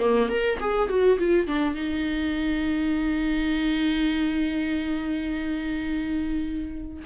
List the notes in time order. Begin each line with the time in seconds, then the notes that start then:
0.00 A#3
0.29 A#4
0.61 G#4
0.89 F#4
1.19 F4
1.48 D4
1.75 D#4